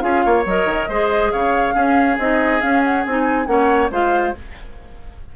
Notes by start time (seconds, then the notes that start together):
0.00 C#4 F4 G#4 F5
0.24 A#3 C#5
0.45 F#3 A#4 D#5
0.65 D#3
0.88 G#3 G#4 C5
1.31 C#3 C#5 F5
1.74 C#4 G#4
2.18 C4 D#4 D#5
2.61 C#4 F5
2.83 F#5
3.05 C4 D#4 G#5
3.45 A#3 C#4 C#5 F#5
3.90 G#3 F4 C5 F5